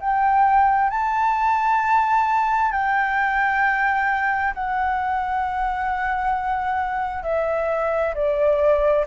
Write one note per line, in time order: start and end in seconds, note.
0.00 0.90 G5
0.90 2.71 A5
2.71 4.53 G5
4.54 7.23 F#5
7.23 8.14 E5
8.14 9.05 D5